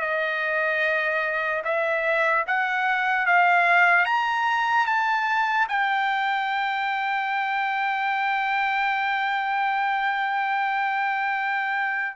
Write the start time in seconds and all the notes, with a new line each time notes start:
0.00 D#5
1.64 E5
2.47 F#5
3.26 F5
4.05 A#5
4.86 A5
5.68 G5